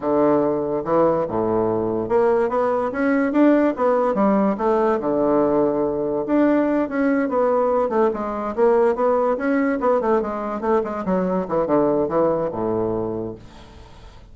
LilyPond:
\new Staff \with { instrumentName = "bassoon" } { \time 4/4 \tempo 4 = 144 d2 e4 a,4~ | a,4 ais4 b4 cis'4 | d'4 b4 g4 a4 | d2. d'4~ |
d'8 cis'4 b4. a8 gis8~ | gis8 ais4 b4 cis'4 b8 | a8 gis4 a8 gis8 fis4 e8 | d4 e4 a,2 | }